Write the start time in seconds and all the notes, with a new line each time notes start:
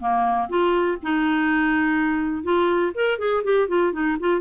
0.00 A#3
0.49 F4
1.03 D#4
2.44 F4
2.95 A#4
3.19 G#4
3.44 G4
3.68 F4
3.93 D#4
4.20 F4